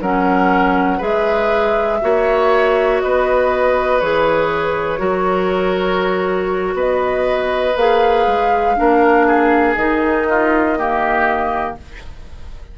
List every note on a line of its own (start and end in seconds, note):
0.00 1.00 F#3
0.00 1.00 C#4
0.00 0.97 A#4
0.00 1.01 F#5
0.97 2.01 G#3
0.97 2.00 G#4
0.97 1.97 B4
0.97 3.00 E5
2.01 3.02 A#3
2.01 4.01 F#4
2.01 3.03 C#5
3.00 4.01 B3
3.00 4.99 B4
3.00 4.00 D#5
4.00 4.99 E3
4.00 4.97 G#4
4.00 6.75 C#5
4.97 6.74 F#3
4.97 7.72 F#4
4.97 6.74 A#4
6.74 7.74 B3
6.74 8.76 B4
6.74 7.76 D#5
7.76 8.26 A#3
7.76 8.76 G#4
7.76 9.74 F5
8.26 8.76 G#3
8.76 9.76 A#3
8.76 9.76 D4
8.76 9.26 A#4
9.26 10.26 G#4
9.74 11.76 D#3
9.74 10.77 D#4
9.74 11.74 D#5
10.29 10.78 F4
10.77 11.77 A#3
10.77 11.78 G4